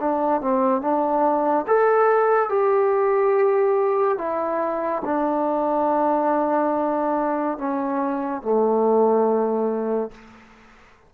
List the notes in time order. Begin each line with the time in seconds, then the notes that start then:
0.00 D4
0.41 C4
0.81 D4
1.67 A4
2.49 G4
4.18 E4
5.05 D4
7.58 C#4
8.42 A3